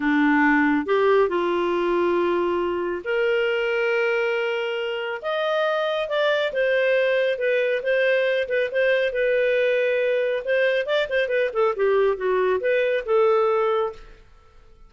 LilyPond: \new Staff \with { instrumentName = "clarinet" } { \time 4/4 \tempo 4 = 138 d'2 g'4 f'4~ | f'2. ais'4~ | ais'1 | dis''2 d''4 c''4~ |
c''4 b'4 c''4. b'8 | c''4 b'2. | c''4 d''8 c''8 b'8 a'8 g'4 | fis'4 b'4 a'2 | }